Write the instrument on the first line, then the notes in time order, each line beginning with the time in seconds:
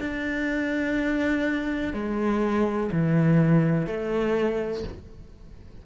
cello
0.00 D4
1.94 G#3
2.92 E3
3.87 A3